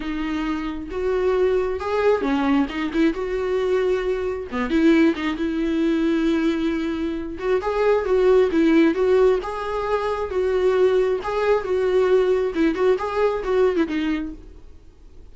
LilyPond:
\new Staff \with { instrumentName = "viola" } { \time 4/4 \tempo 4 = 134 dis'2 fis'2 | gis'4 cis'4 dis'8 e'8 fis'4~ | fis'2 b8 e'4 dis'8 | e'1~ |
e'8 fis'8 gis'4 fis'4 e'4 | fis'4 gis'2 fis'4~ | fis'4 gis'4 fis'2 | e'8 fis'8 gis'4 fis'8. e'16 dis'4 | }